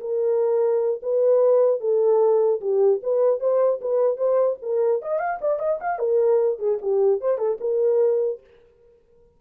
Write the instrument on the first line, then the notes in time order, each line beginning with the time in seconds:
horn
0.00 A#4
1.02 B4
1.80 A4
2.61 G4
3.03 B4
3.39 C5
3.81 B4
4.17 C5
4.62 A#4
5.02 D#5
5.19 F5
5.41 D5
5.59 D#5
5.80 F5
5.98 A#4
6.58 G#4
6.81 G4
7.21 C5
7.38 A4
7.60 A#4